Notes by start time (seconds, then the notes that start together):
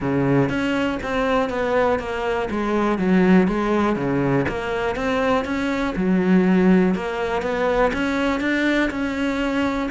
0.00 C#3
0.49 C#4
1.02 C4
1.49 B3
1.99 A#3
2.50 G#3
2.98 F#3
3.47 G#3
3.96 C#3
4.48 A#3
4.95 C4
5.45 C#4
5.95 F#3
6.94 A#3
7.42 B3
7.93 C#4
8.40 D4
8.90 C#4